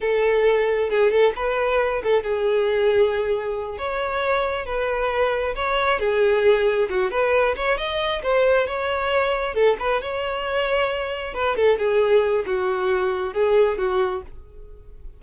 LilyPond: \new Staff \with { instrumentName = "violin" } { \time 4/4 \tempo 4 = 135 a'2 gis'8 a'8 b'4~ | b'8 a'8 gis'2.~ | gis'8 cis''2 b'4.~ | b'8 cis''4 gis'2 fis'8 |
b'4 cis''8 dis''4 c''4 cis''8~ | cis''4. a'8 b'8 cis''4.~ | cis''4. b'8 a'8 gis'4. | fis'2 gis'4 fis'4 | }